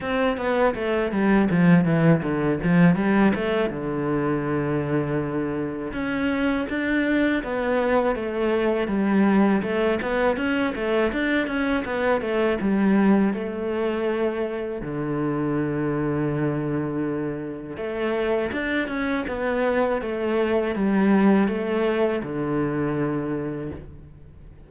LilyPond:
\new Staff \with { instrumentName = "cello" } { \time 4/4 \tempo 4 = 81 c'8 b8 a8 g8 f8 e8 d8 f8 | g8 a8 d2. | cis'4 d'4 b4 a4 | g4 a8 b8 cis'8 a8 d'8 cis'8 |
b8 a8 g4 a2 | d1 | a4 d'8 cis'8 b4 a4 | g4 a4 d2 | }